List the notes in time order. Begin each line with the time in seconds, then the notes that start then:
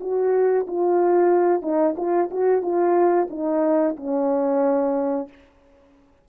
0.00 F#4
0.67 F4
1.62 D#4
1.96 F4
2.30 F#4
2.62 F4
3.30 D#4
3.96 C#4